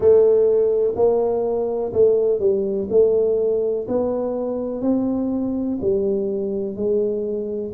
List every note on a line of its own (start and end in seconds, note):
0.00 0.94 A3
0.95 1.92 A#3
1.92 2.39 A3
2.39 2.88 G3
2.90 3.87 A3
3.88 4.81 B3
4.81 5.78 C4
5.81 6.75 G3
6.75 7.72 G#3